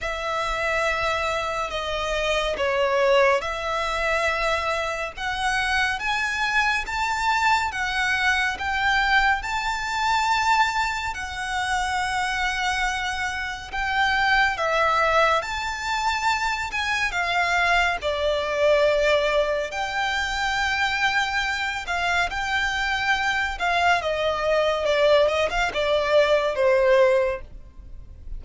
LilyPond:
\new Staff \with { instrumentName = "violin" } { \time 4/4 \tempo 4 = 70 e''2 dis''4 cis''4 | e''2 fis''4 gis''4 | a''4 fis''4 g''4 a''4~ | a''4 fis''2. |
g''4 e''4 a''4. gis''8 | f''4 d''2 g''4~ | g''4. f''8 g''4. f''8 | dis''4 d''8 dis''16 f''16 d''4 c''4 | }